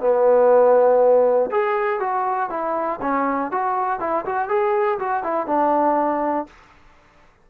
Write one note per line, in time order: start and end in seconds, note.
0.00 1.50 B3
1.51 2.00 G#4
2.00 2.50 F#4
2.50 3.00 E4
3.01 3.51 C#4
3.51 4.00 F#4
4.00 4.25 E4
4.25 4.48 F#4
4.48 4.98 G#4
4.99 5.23 F#4
5.23 5.46 E4
5.46 6.46 D4